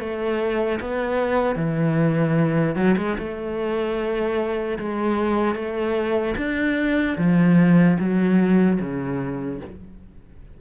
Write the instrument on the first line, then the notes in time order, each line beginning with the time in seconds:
cello
0.00 A3
0.81 B3
1.56 E3
2.76 F#3
2.97 G#3
3.19 A3
4.79 G#3
5.56 A3
6.38 D4
7.18 F3
8.00 F#3
8.81 C#3